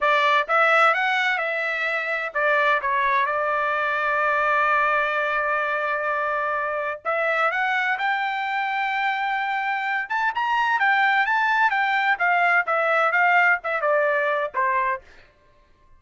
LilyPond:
\new Staff \with { instrumentName = "trumpet" } { \time 4/4 \tempo 4 = 128 d''4 e''4 fis''4 e''4~ | e''4 d''4 cis''4 d''4~ | d''1~ | d''2. e''4 |
fis''4 g''2.~ | g''4. a''8 ais''4 g''4 | a''4 g''4 f''4 e''4 | f''4 e''8 d''4. c''4 | }